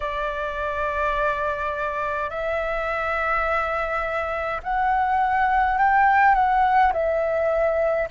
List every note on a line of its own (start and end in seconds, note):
0.00 2.30 D5
2.30 4.60 E5
4.63 5.77 F#5
5.77 6.35 G5
6.35 6.92 F#5
6.92 8.08 E5